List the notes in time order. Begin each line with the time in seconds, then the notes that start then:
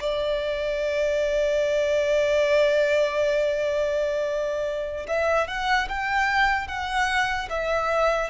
0.00 D5
5.07 E5
5.47 F#5
5.89 G5
6.67 F#5
7.49 E5